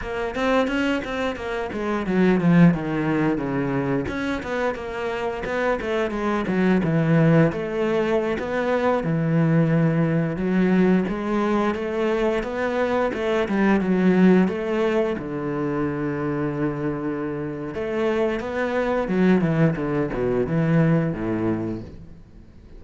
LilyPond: \new Staff \with { instrumentName = "cello" } { \time 4/4 \tempo 4 = 88 ais8 c'8 cis'8 c'8 ais8 gis8 fis8 f8 | dis4 cis4 cis'8 b8 ais4 | b8 a8 gis8 fis8 e4 a4~ | a16 b4 e2 fis8.~ |
fis16 gis4 a4 b4 a8 g16~ | g16 fis4 a4 d4.~ d16~ | d2 a4 b4 | fis8 e8 d8 b,8 e4 a,4 | }